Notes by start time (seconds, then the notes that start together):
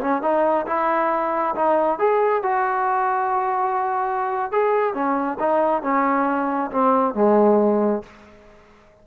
0.00 C#4
0.21 D#4
0.66 E4
1.55 D#4
1.98 G#4
2.42 F#4
4.51 G#4
4.94 C#4
5.39 D#4
5.82 C#4
6.71 C4
7.14 G#3